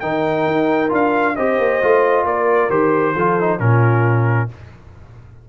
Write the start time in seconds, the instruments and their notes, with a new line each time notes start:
0.00 tuba D#3, trombone D#4, horn A#4, trumpet G5
0.46 tuba D#4
0.89 tuba D4, trombone F4, trumpet F5
1.36 tuba C4, trombone G4, horn C5, trumpet D#5
1.58 tuba A#3
1.82 tuba A3, trombone F4
2.24 tuba A#3, horn A#4, trumpet D5
2.70 tuba D#3, trombone G4, trumpet C5
3.15 tuba F3, trombone F4, horn A4
3.40 trombone D#4
3.59 tuba A#2, trombone C#4, horn F4, trumpet A#4